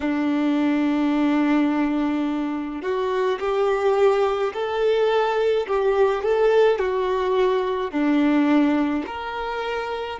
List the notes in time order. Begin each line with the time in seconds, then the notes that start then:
0.00 D4
2.81 F#4
3.40 G4
4.53 A4
5.67 G4
6.23 A4
6.79 F#4
7.91 D4
9.06 A#4